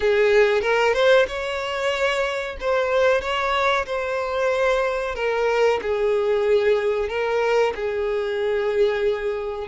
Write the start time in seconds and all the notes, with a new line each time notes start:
0.00 G#4
0.61 A#4
0.93 C5
1.27 C#5
2.60 C5
3.21 C#5
3.86 C5
5.15 A#4
5.82 G#4
7.08 A#4
7.75 G#4